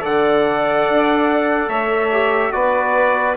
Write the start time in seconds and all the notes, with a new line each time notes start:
0.00 D3 A4 D5 F#5
0.89 D4
1.68 A3 C#5 E5
2.12 G4
2.52 B3 F#4 B4 D5